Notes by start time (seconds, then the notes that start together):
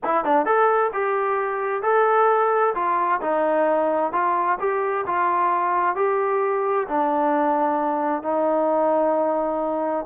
0.03 E4
0.24 D4
0.45 A4
0.93 G4
1.82 A4
2.74 F4
3.21 D#4
4.12 F4
4.59 G4
5.06 F4
5.95 G4
6.87 D4
8.22 D#4